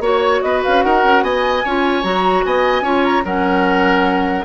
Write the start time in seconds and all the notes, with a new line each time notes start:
0.00 A#3 F#4 C#5
0.42 B3 B4 D#5
0.64 C#4 F5
0.83 D#4 A#4 F#5
1.04 C#4
1.22 B3 D#5 G#5
1.64 C#4 F4 C#5
2.03 F#3 F#4 A#5
2.45 B3 D#5 G#5
2.82 C#4 F4 C#5
3.05 A#5
3.25 F#3 C#4 A#4 F#5